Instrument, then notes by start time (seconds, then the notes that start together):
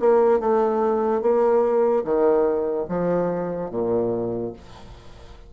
bassoon
0.00 A#3
0.40 A3
1.22 A#3
2.05 D#3
2.89 F3
3.71 A#2